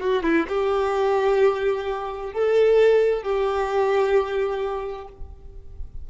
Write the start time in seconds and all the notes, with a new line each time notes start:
0.00 F#4
0.23 E4
0.48 G4
2.32 A4
3.22 G4